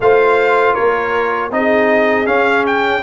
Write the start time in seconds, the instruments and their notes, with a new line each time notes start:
0.00 tuba A3, trombone F4, horn C5, trumpet F5
0.74 tuba A#3, horn A#4, trumpet C#5
1.50 tuba C4, trombone D#4, horn G#4, trumpet D#5
2.26 trombone C#4, tuba C#4, trumpet F5
2.66 trumpet G5